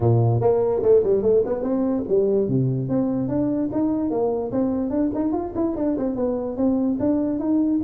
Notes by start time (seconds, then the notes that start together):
0.00 A#2
0.40 A#3
0.82 A3
1.03 G3
1.22 A3
1.45 B3
1.62 C4
2.08 G3
2.48 C3
2.88 C4
3.28 D4
3.72 D#4
4.10 A#3
4.51 C4
4.90 D4
5.14 D#4
5.32 F4
5.55 E4
5.76 D4
5.97 C4
6.15 B3
6.56 C4
6.99 D4
7.39 D#4